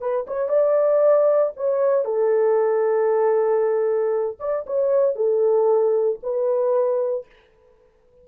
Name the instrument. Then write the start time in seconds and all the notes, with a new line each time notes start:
horn
0.00 B4
0.27 C#5
0.48 D5
1.56 C#5
2.05 A4
4.39 D5
4.66 C#5
5.15 A4
6.22 B4